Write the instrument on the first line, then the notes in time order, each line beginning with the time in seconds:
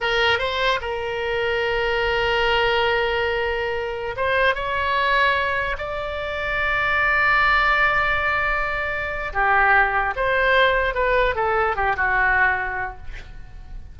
oboe
0.01 A#4
0.39 C5
0.81 A#4
4.16 C5
4.54 C#5
5.78 D5
9.33 G4
10.16 C5
10.94 B4
11.35 A4
11.75 G4
11.96 F#4